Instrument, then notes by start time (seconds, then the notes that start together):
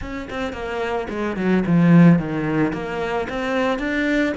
cello
0.01 C#4
0.30 C4
0.53 A#3
1.09 G#3
1.36 F#3
1.66 F3
2.18 D#3
2.72 A#3
3.29 C4
3.79 D4